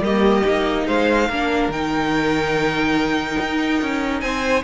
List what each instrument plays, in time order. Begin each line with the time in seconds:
0.00 cello G3, viola A#3, violin G4 D#5
0.45 cello A#3, viola D#4
0.86 cello G#3, violin C5 F5
1.28 cello A#3, viola D4, violin A#4
1.68 cello D#3, viola D#4, violin G5
3.40 cello D#4
3.82 cello C#4
4.21 cello C4, violin C5 G#5